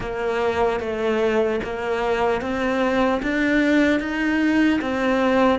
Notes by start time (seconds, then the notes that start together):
0.00 A#3
0.80 A3
1.63 A#3
2.41 C4
3.22 D4
4.00 D#4
4.81 C4